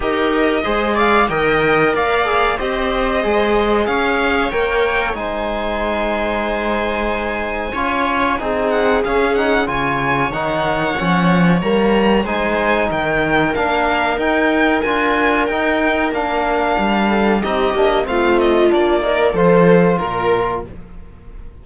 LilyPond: <<
  \new Staff \with { instrumentName = "violin" } { \time 4/4 \tempo 4 = 93 dis''4. f''8 g''4 f''4 | dis''2 f''4 g''4 | gis''1~ | gis''4. fis''8 f''8 fis''8 gis''4 |
fis''2 ais''4 gis''4 | g''4 f''4 g''4 gis''4 | g''4 f''2 dis''4 | f''8 dis''8 d''4 c''4 ais'4 | }
  \new Staff \with { instrumentName = "viola" } { \time 4/4 ais'4 c''8 d''8 dis''4 d''4 | c''2 cis''2 | c''1 | cis''4 gis'2 cis''4~ |
cis''2. c''4 | ais'1~ | ais'2~ ais'8 a'8 g'4 | f'4. ais'8 a'4 ais'4 | }
  \new Staff \with { instrumentName = "trombone" } { \time 4/4 g'4 gis'4 ais'4. gis'8 | g'4 gis'2 ais'4 | dis'1 | f'4 dis'4 cis'8 dis'8 f'4 |
dis'4 cis'4 ais4 dis'4~ | dis'4 d'4 dis'4 f'4 | dis'4 d'2 dis'8 d'8 | c'4 d'8 dis'8 f'2 | }
  \new Staff \with { instrumentName = "cello" } { \time 4/4 dis'4 gis4 dis4 ais4 | c'4 gis4 cis'4 ais4 | gis1 | cis'4 c'4 cis'4 cis4 |
dis4 f4 g4 gis4 | dis4 ais4 dis'4 d'4 | dis'4 ais4 g4 c'8 ais8 | a4 ais4 f4 ais,4 | }
>>